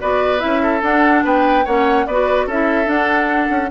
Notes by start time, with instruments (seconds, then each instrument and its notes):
0.00 bassoon B3, clarinet F#4, oboe B4, flute D5
0.39 bassoon C#4, clarinet E4, flute E5
0.62 oboe A4
0.82 bassoon D4, clarinet D4, flute F#5
1.24 bassoon B3, oboe B4, flute G5
1.64 bassoon A#3, clarinet C#4, oboe C#5, flute F#5
2.06 bassoon B3, clarinet F#4, oboe B4, flute D5
2.46 bassoon C#4, clarinet E4, oboe A4, flute E5
2.85 clarinet D4, bassoon D4, flute F#5
3.50 bassoon C#4